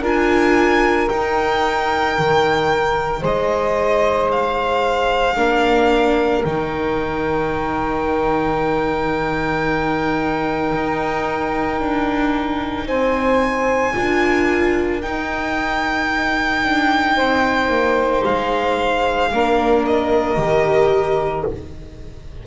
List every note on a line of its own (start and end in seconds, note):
0.00 1.09 D4
0.00 1.10 F4
0.00 3.21 A#4
0.07 1.09 G#5
1.09 5.37 D#4
1.09 2.18 D#4
1.09 3.23 G5
2.18 3.23 D#3
3.21 5.37 G#3
3.21 5.35 C5
3.21 4.32 D#5
4.32 6.45 F5
5.36 6.45 A#3
5.36 6.44 D4
5.36 12.86 A#4
6.45 10.74 D#3
6.45 13.94 D#4
6.45 12.88 G5
10.74 11.81 D#4
11.81 12.87 D4
12.87 13.94 C4
12.87 13.95 C5
12.87 15.02 G#5
13.94 15.04 D4
13.94 15.01 F4
13.94 17.17 A#4
15.02 16.64 D#4
15.02 19.33 D#4
15.02 18.23 G5
16.64 17.17 D4
17.17 17.69 C4
17.17 19.31 C5
17.69 18.22 A#3
18.25 19.33 G#3
18.25 19.85 F5
19.33 20.37 A#3
19.33 20.37 D4
19.33 21.47 A#4
19.86 21.47 D#5
20.37 21.44 D#3
20.37 21.45 G4